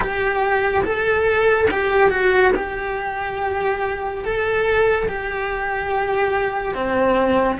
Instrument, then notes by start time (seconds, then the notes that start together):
cello
0.00 G4
0.84 A4
1.71 G4
2.10 F#4
2.55 G4
4.24 A4
5.08 G4
6.74 C4